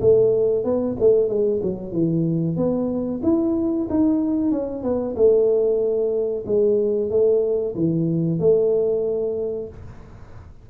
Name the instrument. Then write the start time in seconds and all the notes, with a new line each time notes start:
tuba
0.00 A3
0.64 B3
1.00 A3
1.28 G#3
1.62 F#3
1.92 E3
2.56 B3
3.23 E4
3.89 D#4
4.51 C#4
4.83 B3
5.16 A3
6.46 G#3
7.10 A3
7.75 E3
8.39 A3